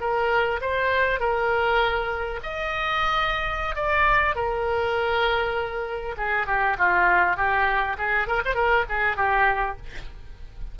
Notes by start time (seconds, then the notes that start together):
0.00 A#4
0.61 C5
1.19 A#4
2.43 D#5
3.75 D5
4.35 A#4
6.17 G#4
6.47 G4
6.78 F4
7.37 G4
7.97 G#4
8.27 A#4
8.45 C5
8.54 A#4
8.89 G#4
9.16 G4